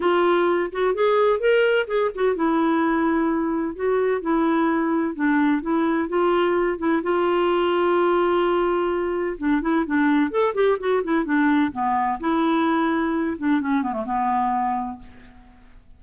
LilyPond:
\new Staff \with { instrumentName = "clarinet" } { \time 4/4 \tempo 4 = 128 f'4. fis'8 gis'4 ais'4 | gis'8 fis'8 e'2. | fis'4 e'2 d'4 | e'4 f'4. e'8 f'4~ |
f'1 | d'8 e'8 d'4 a'8 g'8 fis'8 e'8 | d'4 b4 e'2~ | e'8 d'8 cis'8 b16 a16 b2 | }